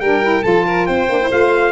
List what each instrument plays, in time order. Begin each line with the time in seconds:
0.00 tuba G3, saxophone D4, violin A#4, trumpet G5
0.22 saxophone E4
0.42 tuba F3, saxophone F4, violin A4, trumpet A5
0.66 violin A#4
0.86 tuba C4, violin C5, trumpet G5
1.09 tuba A#3, saxophone D4
1.21 saxophone E4
1.29 tuba A3, saxophone F4, trumpet F5